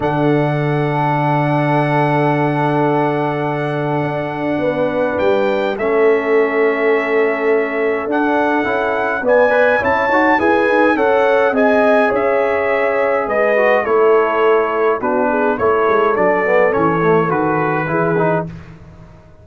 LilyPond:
<<
  \new Staff \with { instrumentName = "trumpet" } { \time 4/4 \tempo 4 = 104 fis''1~ | fis''1~ | fis''4 g''4 e''2~ | e''2 fis''2 |
gis''4 a''4 gis''4 fis''4 | gis''4 e''2 dis''4 | cis''2 b'4 cis''4 | d''4 cis''4 b'2 | }
  \new Staff \with { instrumentName = "horn" } { \time 4/4 a'1~ | a'1 | b'2 a'2~ | a'1 |
d''4 cis''4 b'4 cis''4 | dis''4 cis''2 b'4 | a'2 fis'8 gis'8 a'4~ | a'2. gis'4 | }
  \new Staff \with { instrumentName = "trombone" } { \time 4/4 d'1~ | d'1~ | d'2 cis'2~ | cis'2 d'4 e'4 |
b8 b'8 e'8 fis'8 gis'4 a'4 | gis'2.~ gis'8 fis'8 | e'2 d'4 e'4 | d'8 b8 cis'8 a8 fis'4 e'8 dis'8 | }
  \new Staff \with { instrumentName = "tuba" } { \time 4/4 d1~ | d2. d'4 | b4 g4 a2~ | a2 d'4 cis'4 |
b4 cis'8 dis'8 e'8 dis'8 cis'4 | c'4 cis'2 gis4 | a2 b4 a8 gis8 | fis4 e4 dis4 e4 | }
>>